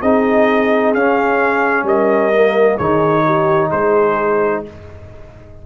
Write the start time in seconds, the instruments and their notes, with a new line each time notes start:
0.00 tuba C4, trombone D#4, horn G#4, trumpet D#5
0.94 tuba C#4, trombone C#4, trumpet F5
1.82 tuba G3, horn A#4, trumpet D#5
2.32 trombone A#3
2.77 tuba D#3, trombone D#4, horn G#4, trumpet C#5
3.25 horn G4
3.69 tuba G#3, horn G#4, trumpet C5